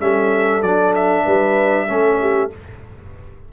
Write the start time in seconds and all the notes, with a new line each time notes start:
0.00 G3 C#4 A4 E5
0.62 F#3 D4 D5
0.95 E5
1.24 G3 B4
1.87 A3 C#4 A4
2.21 G4